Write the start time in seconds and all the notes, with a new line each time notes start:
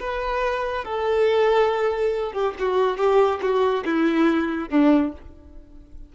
0.00 B4
0.85 A4
2.33 G4
2.59 F#4
2.98 G4
3.42 F#4
3.85 E4
4.69 D4